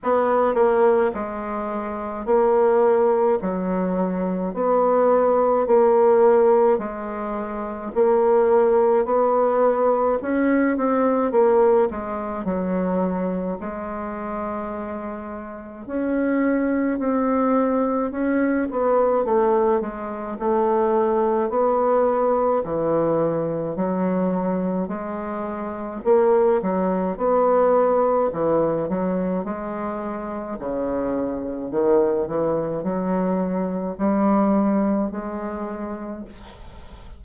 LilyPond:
\new Staff \with { instrumentName = "bassoon" } { \time 4/4 \tempo 4 = 53 b8 ais8 gis4 ais4 fis4 | b4 ais4 gis4 ais4 | b4 cis'8 c'8 ais8 gis8 fis4 | gis2 cis'4 c'4 |
cis'8 b8 a8 gis8 a4 b4 | e4 fis4 gis4 ais8 fis8 | b4 e8 fis8 gis4 cis4 | dis8 e8 fis4 g4 gis4 | }